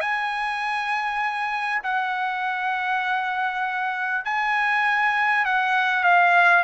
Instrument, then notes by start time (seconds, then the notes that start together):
trumpet
0.00 G#5
1.83 F#5
4.25 G#5
5.45 F#5
6.03 F5